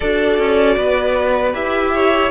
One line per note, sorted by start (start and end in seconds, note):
0.00 0.38 D4
0.00 1.53 F#4
0.00 0.76 A4
0.00 1.53 D5
0.38 0.76 C#4
0.76 1.54 B3
0.76 1.92 B4
1.53 2.30 E4
1.53 2.30 G4
1.53 2.30 E5
1.94 2.30 C#5